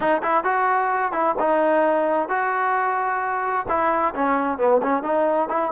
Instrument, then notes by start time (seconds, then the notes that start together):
trombone
0.00 D#4
0.22 E4
0.44 F#4
1.12 E4
1.39 D#4
2.28 F#4
3.68 E4
4.15 C#4
4.58 B3
4.82 C#4
5.03 D#4
5.48 E4